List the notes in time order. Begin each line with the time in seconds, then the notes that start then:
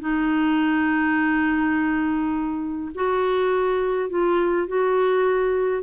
0.00 D#4
2.94 F#4
4.09 F4
4.67 F#4